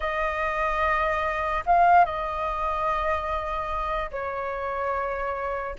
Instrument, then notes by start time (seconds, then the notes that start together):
flute
0.00 D#5
1.66 F5
2.05 D#5
4.11 C#5